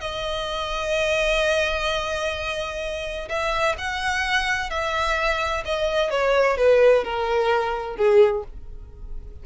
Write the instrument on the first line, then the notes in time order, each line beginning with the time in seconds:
violin
0.00 D#5
3.28 E5
3.78 F#5
4.70 E5
5.65 D#5
6.10 C#5
6.57 B4
7.03 A#4
7.96 G#4